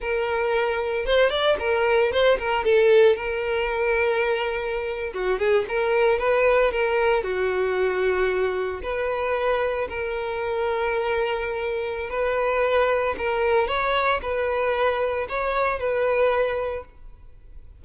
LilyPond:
\new Staff \with { instrumentName = "violin" } { \time 4/4 \tempo 4 = 114 ais'2 c''8 d''8 ais'4 | c''8 ais'8 a'4 ais'2~ | ais'4.~ ais'16 fis'8 gis'8 ais'4 b'16~ | b'8. ais'4 fis'2~ fis'16~ |
fis'8. b'2 ais'4~ ais'16~ | ais'2. b'4~ | b'4 ais'4 cis''4 b'4~ | b'4 cis''4 b'2 | }